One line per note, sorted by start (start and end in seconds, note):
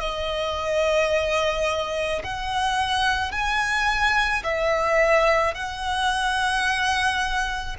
0.00 2.22 D#5
2.24 3.31 F#5
3.31 4.42 G#5
4.43 5.54 E5
5.54 7.76 F#5